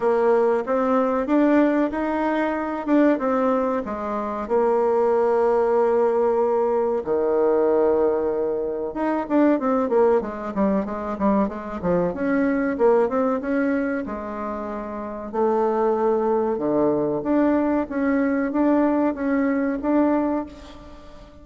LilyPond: \new Staff \with { instrumentName = "bassoon" } { \time 4/4 \tempo 4 = 94 ais4 c'4 d'4 dis'4~ | dis'8 d'8 c'4 gis4 ais4~ | ais2. dis4~ | dis2 dis'8 d'8 c'8 ais8 |
gis8 g8 gis8 g8 gis8 f8 cis'4 | ais8 c'8 cis'4 gis2 | a2 d4 d'4 | cis'4 d'4 cis'4 d'4 | }